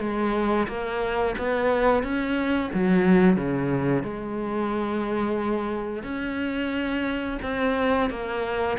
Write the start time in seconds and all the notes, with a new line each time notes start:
0.00 G#3
0.68 A#3
1.39 B3
2.03 C#4
2.74 F#3
3.37 C#3
4.04 G#3
6.04 C#4
7.43 C4
8.10 A#3